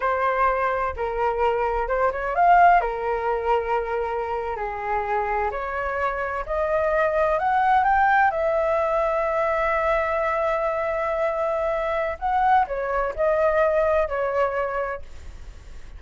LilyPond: \new Staff \with { instrumentName = "flute" } { \time 4/4 \tempo 4 = 128 c''2 ais'2 | c''8 cis''8 f''4 ais'2~ | ais'4.~ ais'16 gis'2 cis''16~ | cis''4.~ cis''16 dis''2 fis''16~ |
fis''8. g''4 e''2~ e''16~ | e''1~ | e''2 fis''4 cis''4 | dis''2 cis''2 | }